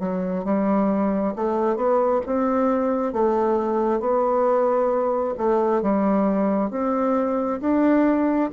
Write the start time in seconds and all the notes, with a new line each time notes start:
0.00 F#3
0.45 G3
1.36 A3
1.77 B3
2.26 C4
3.13 A3
4.01 B3
5.38 A3
5.82 G3
6.71 C4
7.61 D4